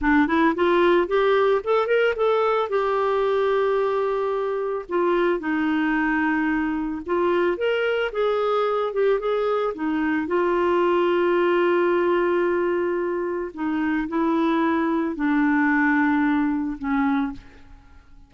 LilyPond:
\new Staff \with { instrumentName = "clarinet" } { \time 4/4 \tempo 4 = 111 d'8 e'8 f'4 g'4 a'8 ais'8 | a'4 g'2.~ | g'4 f'4 dis'2~ | dis'4 f'4 ais'4 gis'4~ |
gis'8 g'8 gis'4 dis'4 f'4~ | f'1~ | f'4 dis'4 e'2 | d'2. cis'4 | }